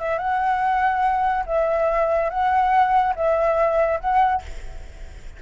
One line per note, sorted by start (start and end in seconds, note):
0.00 0.19 E5
0.19 1.45 F#5
1.47 2.30 E5
2.30 3.14 F#5
3.16 4.00 E5
4.01 4.43 F#5